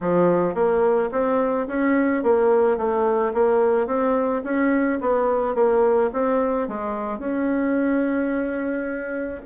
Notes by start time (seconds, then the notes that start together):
0.01 F3
0.54 A#3
1.11 C4
1.67 C#4
2.23 A#3
2.77 A3
3.33 A#3
3.86 C4
4.44 C#4
5.00 B3
5.54 A#3
6.12 C4
6.68 G#3
7.18 C#4